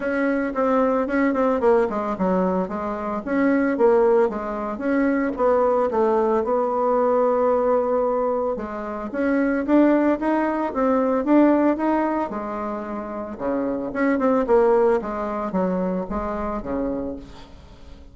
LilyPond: \new Staff \with { instrumentName = "bassoon" } { \time 4/4 \tempo 4 = 112 cis'4 c'4 cis'8 c'8 ais8 gis8 | fis4 gis4 cis'4 ais4 | gis4 cis'4 b4 a4 | b1 |
gis4 cis'4 d'4 dis'4 | c'4 d'4 dis'4 gis4~ | gis4 cis4 cis'8 c'8 ais4 | gis4 fis4 gis4 cis4 | }